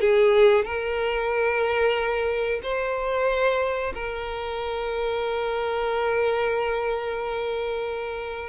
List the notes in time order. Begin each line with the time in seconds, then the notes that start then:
0.00 G#4
0.64 A#4
2.63 C5
3.94 A#4